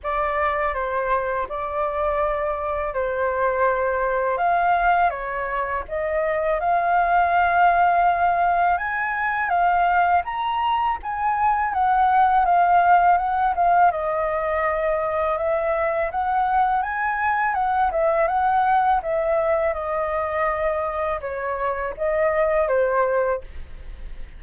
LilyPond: \new Staff \with { instrumentName = "flute" } { \time 4/4 \tempo 4 = 82 d''4 c''4 d''2 | c''2 f''4 cis''4 | dis''4 f''2. | gis''4 f''4 ais''4 gis''4 |
fis''4 f''4 fis''8 f''8 dis''4~ | dis''4 e''4 fis''4 gis''4 | fis''8 e''8 fis''4 e''4 dis''4~ | dis''4 cis''4 dis''4 c''4 | }